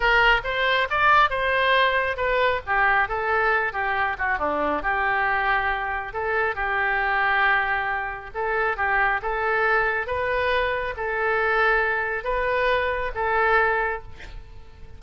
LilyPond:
\new Staff \with { instrumentName = "oboe" } { \time 4/4 \tempo 4 = 137 ais'4 c''4 d''4 c''4~ | c''4 b'4 g'4 a'4~ | a'8 g'4 fis'8 d'4 g'4~ | g'2 a'4 g'4~ |
g'2. a'4 | g'4 a'2 b'4~ | b'4 a'2. | b'2 a'2 | }